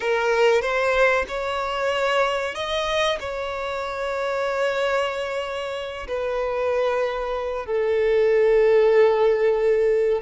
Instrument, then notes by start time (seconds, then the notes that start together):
violin
0.00 A#4
0.61 C5
1.28 C#5
2.54 D#5
3.19 C#5
6.07 B4
7.66 A4